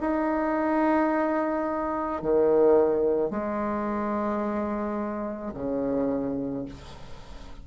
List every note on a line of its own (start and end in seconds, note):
0.00 2.22 D#4
2.22 3.30 D#3
3.30 5.52 G#3
5.54 6.65 C#3